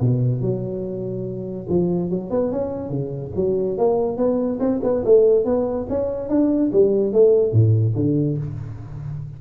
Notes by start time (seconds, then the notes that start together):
0.00 B2
0.41 F#3
1.69 F3
2.10 F#3
2.30 B3
2.51 C#4
2.89 C#3
3.35 F#3
3.77 A#3
4.17 B3
4.59 C4
4.83 B3
5.04 A3
5.45 B3
5.89 C#4
6.29 D4
6.72 G3
7.13 A3
7.52 A2
7.95 D3